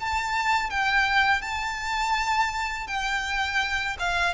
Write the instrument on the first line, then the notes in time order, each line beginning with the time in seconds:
violin
0.00 A5
0.70 G5
1.42 A5
2.87 G5
3.99 F5